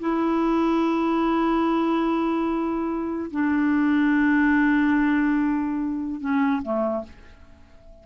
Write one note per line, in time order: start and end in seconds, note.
0.00 3.31 E4
3.31 6.21 D4
6.21 6.62 C#4
6.63 7.04 A3